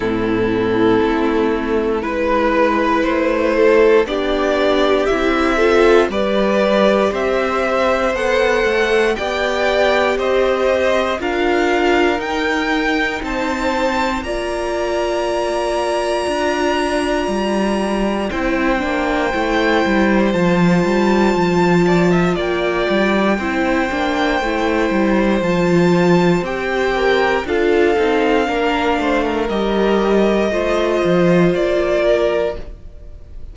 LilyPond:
<<
  \new Staff \with { instrumentName = "violin" } { \time 4/4 \tempo 4 = 59 a'2 b'4 c''4 | d''4 e''4 d''4 e''4 | fis''4 g''4 dis''4 f''4 | g''4 a''4 ais''2~ |
ais''2 g''2 | a''2 g''2~ | g''4 a''4 g''4 f''4~ | f''4 dis''2 d''4 | }
  \new Staff \with { instrumentName = "violin" } { \time 4/4 e'2 b'4. a'8 | g'4. a'8 b'4 c''4~ | c''4 d''4 c''4 ais'4~ | ais'4 c''4 d''2~ |
d''2 c''2~ | c''4. d''16 e''16 d''4 c''4~ | c''2~ c''8 ais'8 a'4 | ais'8 c''16 ais'4~ ais'16 c''4. ais'8 | }
  \new Staff \with { instrumentName = "viola" } { \time 4/4 c'2 e'2 | d'4 e'8 f'8 g'2 | a'4 g'2 f'4 | dis'2 f'2~ |
f'2 e'8 d'8 e'4 | f'2. e'8 d'8 | e'4 f'4 g'4 f'8 dis'8 | d'4 g'4 f'2 | }
  \new Staff \with { instrumentName = "cello" } { \time 4/4 a,4 a4 gis4 a4 | b4 c'4 g4 c'4 | b8 a8 b4 c'4 d'4 | dis'4 c'4 ais2 |
d'4 g4 c'8 ais8 a8 g8 | f8 g8 f4 ais8 g8 c'8 ais8 | a8 g8 f4 c'4 d'8 c'8 | ais8 a8 g4 a8 f8 ais4 | }
>>